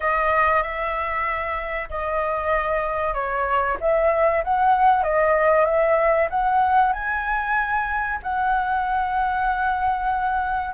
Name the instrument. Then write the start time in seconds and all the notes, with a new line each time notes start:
flute
0.00 D#5
0.62 E5
1.89 D#5
3.14 C#5
3.80 E5
4.44 F#5
5.03 D#5
5.65 E5
6.30 F#5
6.92 G#5
8.22 F#5